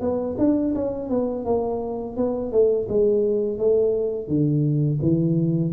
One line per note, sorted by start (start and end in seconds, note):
0.00 0.36 B3
0.38 0.74 D4
0.74 1.09 C#4
1.09 1.44 B3
1.44 2.16 A#3
2.16 2.51 B3
2.51 2.87 A3
2.88 3.58 G#3
3.58 4.28 A3
4.28 4.99 D3
5.02 5.72 E3